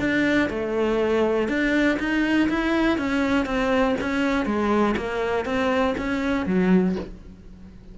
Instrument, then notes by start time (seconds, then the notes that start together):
cello
0.00 D4
0.50 A3
1.49 D4
1.99 D#4
2.49 E4
2.98 C#4
3.46 C4
4.01 C#4
4.46 G#3
4.97 A#3
5.45 C4
5.98 C#4
6.46 F#3